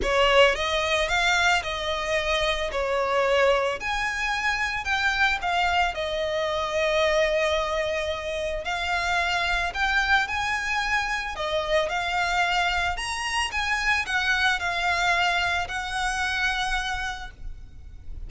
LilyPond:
\new Staff \with { instrumentName = "violin" } { \time 4/4 \tempo 4 = 111 cis''4 dis''4 f''4 dis''4~ | dis''4 cis''2 gis''4~ | gis''4 g''4 f''4 dis''4~ | dis''1 |
f''2 g''4 gis''4~ | gis''4 dis''4 f''2 | ais''4 gis''4 fis''4 f''4~ | f''4 fis''2. | }